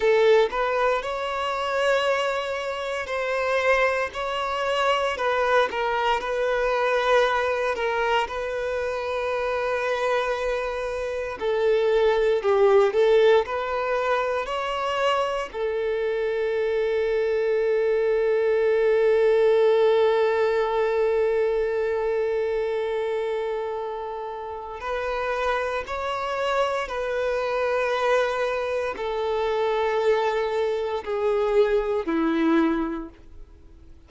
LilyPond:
\new Staff \with { instrumentName = "violin" } { \time 4/4 \tempo 4 = 58 a'8 b'8 cis''2 c''4 | cis''4 b'8 ais'8 b'4. ais'8 | b'2. a'4 | g'8 a'8 b'4 cis''4 a'4~ |
a'1~ | a'1 | b'4 cis''4 b'2 | a'2 gis'4 e'4 | }